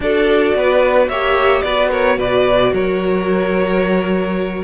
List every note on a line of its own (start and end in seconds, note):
0.00 0.54 D4
0.00 1.11 F#4
0.00 0.56 A4
0.00 1.08 D5
0.55 1.08 B3
0.55 1.08 B4
1.08 1.62 A#3
1.08 1.65 G4
1.08 1.63 C#5
1.08 1.61 E5
1.61 2.17 B3
1.61 4.63 F#4
1.61 1.90 B4
1.61 1.89 D5
1.90 2.17 A#4
1.90 2.19 C#5
2.17 2.72 B2
2.17 2.72 B4
2.17 2.74 D5
2.72 4.63 F#3
2.72 4.63 A#4
2.72 4.63 C#5